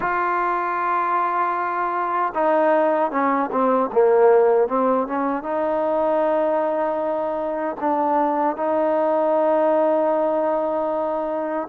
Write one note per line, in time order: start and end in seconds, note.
0.00 2.33 F4
2.34 3.11 D#4
3.11 3.50 C#4
3.51 3.90 C4
3.92 4.68 A#3
4.68 5.06 C4
5.07 5.42 C#4
5.42 7.76 D#4
7.80 8.56 D4
8.56 11.68 D#4